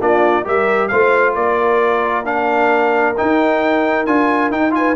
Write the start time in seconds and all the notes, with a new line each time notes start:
0.00 A#3 D4 F4 D5
0.44 G3 G4 A#4 E5
0.88 A3 F4 C5 F5
1.35 A#3 A#4 D5
2.24 D4 F5
3.17 D#4 G5
4.06 D4 F4 G#5
4.50 D#4 G5
4.71 F4 G#5
4.77 B4